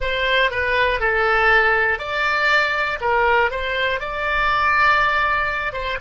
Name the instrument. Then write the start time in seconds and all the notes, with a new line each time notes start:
oboe
0.00 C5
0.50 B4
1.00 A4
1.99 D5
3.00 A#4
3.50 C5
4.00 D5
5.73 C5